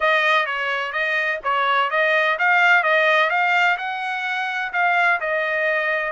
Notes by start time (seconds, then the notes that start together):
0.00 D#5
0.46 C#5
0.92 D#5
1.43 C#5
1.90 D#5
2.39 F5
2.83 D#5
3.29 F5
3.77 F#5
4.72 F5
5.20 D#5